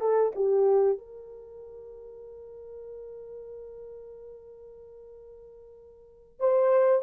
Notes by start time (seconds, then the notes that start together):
0.00 A4
0.35 G4
0.98 A#4
6.39 C5